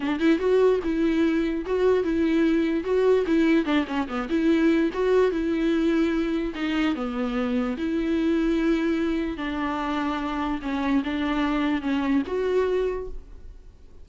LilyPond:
\new Staff \with { instrumentName = "viola" } { \time 4/4 \tempo 4 = 147 d'8 e'8 fis'4 e'2 | fis'4 e'2 fis'4 | e'4 d'8 cis'8 b8 e'4. | fis'4 e'2. |
dis'4 b2 e'4~ | e'2. d'4~ | d'2 cis'4 d'4~ | d'4 cis'4 fis'2 | }